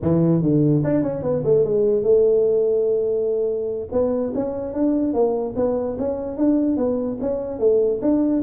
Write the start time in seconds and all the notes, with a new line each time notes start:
0.01 E3
0.41 D3
0.83 D4
1.02 C#4
1.22 B3
1.44 A3
1.64 G#3
2.02 A3
3.92 B3
4.34 C#4
4.73 D4
5.13 A#3
5.56 B3
5.98 C#4
6.37 D4
6.76 B3
7.20 C#4
7.59 A3
8.01 D4